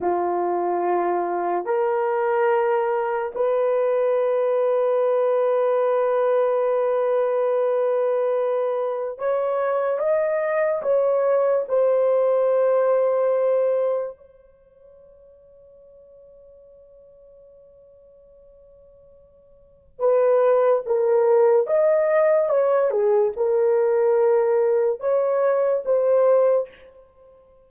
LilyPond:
\new Staff \with { instrumentName = "horn" } { \time 4/4 \tempo 4 = 72 f'2 ais'2 | b'1~ | b'2. cis''4 | dis''4 cis''4 c''2~ |
c''4 cis''2.~ | cis''1 | b'4 ais'4 dis''4 cis''8 gis'8 | ais'2 cis''4 c''4 | }